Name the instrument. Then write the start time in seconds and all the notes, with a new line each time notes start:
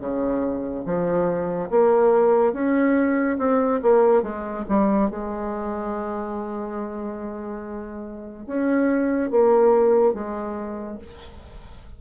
bassoon
0.00 C#3
0.86 F3
1.70 A#3
2.53 C#4
3.38 C4
3.82 A#3
4.23 G#3
4.69 G3
5.10 G#3
8.47 C#4
9.31 A#3
10.14 G#3